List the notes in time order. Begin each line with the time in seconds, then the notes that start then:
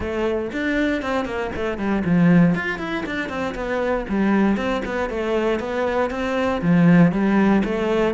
0.00 A3
0.52 D4
1.01 C4
1.25 A#3
1.55 A3
1.78 G3
2.04 F3
2.54 F4
2.79 E4
3.06 D4
3.29 C4
3.55 B3
4.09 G3
4.56 C4
4.85 B3
5.09 A3
5.59 B3
6.10 C4
6.61 F3
7.12 G3
7.64 A3